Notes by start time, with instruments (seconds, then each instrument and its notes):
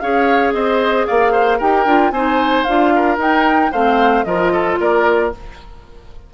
0.00 bassoon C#4, clarinet G#4, oboe C#5, flute F5
0.53 bassoon C4, oboe C5, flute D#5
1.07 bassoon A#3, oboe D5, flute F5
1.32 oboe C5
1.58 bassoon D#4, clarinet G4, oboe A#4, flute G5
1.86 bassoon D4, clarinet F4
2.11 bassoon C4, clarinet D#4, oboe C5, flute G#5
2.64 bassoon D4, clarinet F4, flute F5
2.96 oboe A#4
3.18 bassoon D#4, clarinet D#4, flute G5
3.72 bassoon A3, clarinet C4, oboe C5, flute F5
4.24 bassoon F3, clarinet F4, oboe A#4, flute D#5
4.53 oboe A4
4.80 bassoon A#3, oboe A#4, flute D5